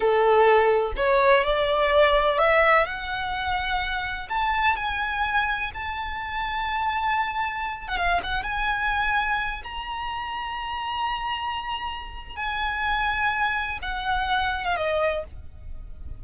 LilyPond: \new Staff \with { instrumentName = "violin" } { \time 4/4 \tempo 4 = 126 a'2 cis''4 d''4~ | d''4 e''4 fis''2~ | fis''4 a''4 gis''2 | a''1~ |
a''8 fis''16 f''8 fis''8 gis''2~ gis''16~ | gis''16 ais''2.~ ais''8.~ | ais''2 gis''2~ | gis''4 fis''4.~ fis''16 f''16 dis''4 | }